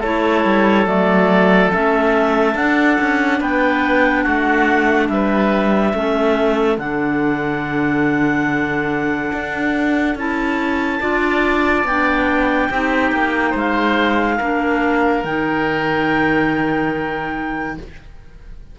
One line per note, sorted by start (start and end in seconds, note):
0.00 0.45 A3
0.00 0.87 E4
0.00 3.38 A4
0.00 0.87 C#5
0.45 0.86 G3
0.86 1.71 F#3
0.86 1.71 A3
0.86 1.71 D5
1.72 2.55 A3
1.72 2.57 C#4
1.72 2.57 E5
2.55 2.97 D4
2.55 5.94 D4
2.55 3.41 F#5
3.01 3.41 C#4
3.40 4.26 B3
3.40 4.24 B4
3.40 4.24 G5
4.24 5.09 A3
4.24 5.08 F#4
4.24 5.08 F#5
5.09 5.94 G3
5.09 5.96 B4
5.09 6.78 E5
5.94 6.78 A3
5.94 6.79 C#4
5.94 11.01 A4
6.78 9.32 D3
6.78 10.17 D4
6.78 10.17 F#5
9.33 10.15 D4
10.15 11.00 C#4
10.15 11.01 E4
10.15 11.87 A5
11.01 11.84 D4
11.01 11.85 F4
11.01 12.70 D5
11.84 12.68 B3
11.84 13.56 G5
11.90 12.73 D4
12.70 13.12 C4
12.70 14.40 D#4
12.70 13.51 G4
13.12 13.54 A#3
13.51 14.40 G#3
13.51 14.35 C5
13.57 15.25 F5
14.38 15.24 A#3
14.38 15.25 D4
14.38 17.76 A#4
15.24 17.78 D#3
15.24 17.79 D#4
15.24 17.78 G5